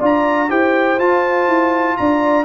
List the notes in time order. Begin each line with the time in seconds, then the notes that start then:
0.00 D4 F4 D5 A#5
0.49 E4 G4 C5 G5
0.99 F4 A5
1.48 E4
1.98 D4 D5 A#5